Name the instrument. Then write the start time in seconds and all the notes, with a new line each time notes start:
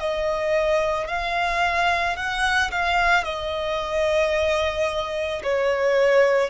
violin
0.00 D#5
1.08 F5
2.17 F#5
2.71 F5
3.24 D#5
5.43 C#5